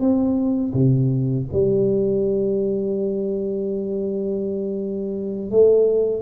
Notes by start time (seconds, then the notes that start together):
0.00 C4
0.74 C3
1.53 G3
5.50 A3